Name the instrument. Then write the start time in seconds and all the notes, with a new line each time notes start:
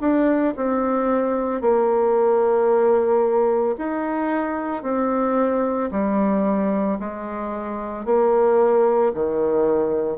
bassoon
0.00 D4
0.56 C4
1.61 A#3
3.78 D#4
4.83 C4
5.91 G3
6.99 G#3
8.05 A#3
9.14 D#3